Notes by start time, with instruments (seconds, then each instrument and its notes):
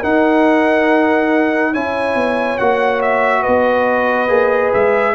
0.00 trombone D#4, tuba D#4, horn A#4, trumpet F#5
1.73 tuba C#4, trombone E4, horn C#5, trumpet G#5
2.15 tuba B3
2.58 tuba A#3, trombone F#4, trumpet F#5
3.02 trumpet E5
3.41 tuba B3, horn B4, trumpet D#5
4.28 tuba A#3, trombone G#4
4.73 tuba G#3, trumpet E5